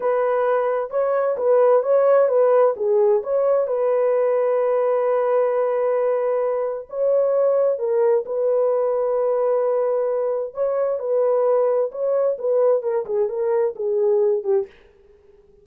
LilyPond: \new Staff \with { instrumentName = "horn" } { \time 4/4 \tempo 4 = 131 b'2 cis''4 b'4 | cis''4 b'4 gis'4 cis''4 | b'1~ | b'2. cis''4~ |
cis''4 ais'4 b'2~ | b'2. cis''4 | b'2 cis''4 b'4 | ais'8 gis'8 ais'4 gis'4. g'8 | }